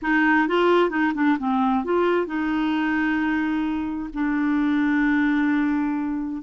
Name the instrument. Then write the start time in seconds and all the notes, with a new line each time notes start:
clarinet
0.02 D#4
0.47 F4
0.89 D#4
1.14 D4
1.38 C4
1.84 F4
2.26 D#4
4.13 D4